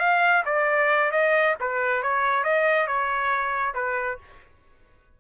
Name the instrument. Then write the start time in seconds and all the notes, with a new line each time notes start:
trumpet
0.00 F5
0.46 D5
1.12 D#5
1.61 B4
2.03 C#5
2.44 D#5
2.87 C#5
3.75 B4